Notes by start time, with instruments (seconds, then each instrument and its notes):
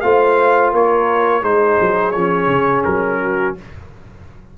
0.00 tuba A3, trombone F4, horn C5, trumpet F5
0.72 tuba A#3, horn A#4, trumpet C#5
1.42 tuba G#3, trombone D#4, horn G#4, trumpet C5
1.80 tuba F#3
2.11 tuba F3, trombone C#4, trumpet C#5
2.46 tuba C#3
2.84 tuba F#3, trumpet A#4
3.21 horn F#4